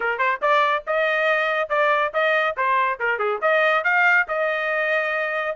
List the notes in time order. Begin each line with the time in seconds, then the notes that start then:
0.00 A#4
0.18 C5
0.41 D5
0.86 D#5
1.69 D5
2.13 D#5
2.56 C5
2.99 A#4
3.18 G#4
3.41 D#5
3.84 F5
4.28 D#5